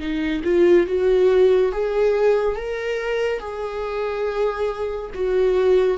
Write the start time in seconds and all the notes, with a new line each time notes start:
0.00 D#4
0.44 F4
0.87 F#4
1.73 G#4
2.56 A#4
3.40 G#4
5.15 F#4